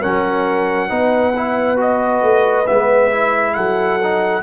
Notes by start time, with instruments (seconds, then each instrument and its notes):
0.00 tuba F#3, trombone C#4, horn A#4, trumpet F#5
0.89 tuba B3, trombone D#4, horn B4
1.37 trombone E4
1.77 trombone F#4, trumpet D#5
2.22 tuba A3
2.67 tuba G#3, trombone B3, trumpet E5
3.12 trombone E4
3.55 tuba F#3, horn A4, trumpet F#5
4.03 trombone D#4